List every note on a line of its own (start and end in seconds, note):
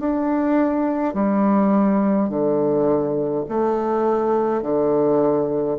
0.00 1.14 D4
1.14 2.29 G3
2.29 3.45 D3
3.49 4.63 A3
4.63 5.78 D3